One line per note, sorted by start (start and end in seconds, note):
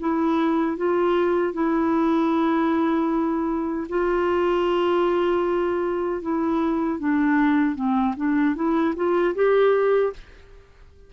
0.00 0.77 E4
0.77 1.53 F4
1.53 3.87 E4
3.89 6.22 F4
6.22 7.00 E4
7.00 7.75 D4
7.75 8.14 C4
8.17 8.55 D4
8.55 8.94 E4
8.96 9.35 F4
9.35 10.13 G4